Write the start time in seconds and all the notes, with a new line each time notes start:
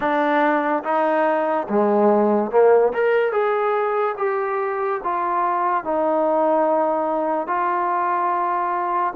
0.00 D4
0.83 D#4
1.69 G#3
2.51 A#3
2.93 A#4
3.31 G#4
4.17 G4
5.03 F4
5.84 D#4
7.47 F4